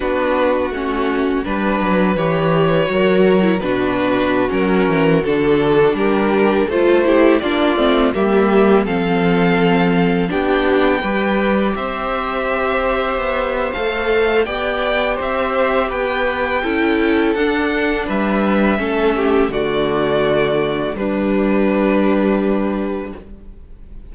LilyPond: <<
  \new Staff \with { instrumentName = "violin" } { \time 4/4 \tempo 4 = 83 b'4 fis'4 b'4 cis''4~ | cis''4 b'4~ b'16 ais'4 a'8.~ | a'16 ais'4 c''4 d''4 e''8.~ | e''16 f''2 g''4.~ g''16~ |
g''16 e''2~ e''8. f''4 | g''4 e''4 g''2 | fis''4 e''2 d''4~ | d''4 b'2. | }
  \new Staff \with { instrumentName = "violin" } { \time 4/4 fis'2 b'2 | ais'4 fis'2.~ | fis'16 g'4 a'8 g'8 f'4 g'8.~ | g'16 a'2 g'4 b'8.~ |
b'16 c''2.~ c''8. | d''4 c''4 b'4 a'4~ | a'4 b'4 a'8 g'8 fis'4~ | fis'4 d'2. | }
  \new Staff \with { instrumentName = "viola" } { \time 4/4 d'4 cis'4 d'4 g'4 | fis'8. e'16 d'4~ d'16 cis'4 d'8.~ | d'4~ d'16 f'8 e'8 d'8 c'8 ais8.~ | ais16 c'2 d'4 g'8.~ |
g'2. a'4 | g'2. e'4 | d'2 cis'4 a4~ | a4 g2. | }
  \new Staff \with { instrumentName = "cello" } { \time 4/4 b4 a4 g8 fis8 e4 | fis4 b,4~ b,16 fis8 e8 d8.~ | d16 g4 a4 ais8 a8 g8.~ | g16 f2 b4 g8.~ |
g16 c'2 b8. a4 | b4 c'4 b4 cis'4 | d'4 g4 a4 d4~ | d4 g2. | }
>>